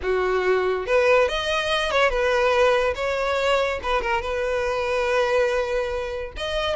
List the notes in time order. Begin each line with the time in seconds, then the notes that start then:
0.02 F#4
0.86 B4
1.28 D#5
1.91 C#5
2.09 B4
2.95 C#5
3.82 B4
4.01 A#4
4.21 B4
6.36 D#5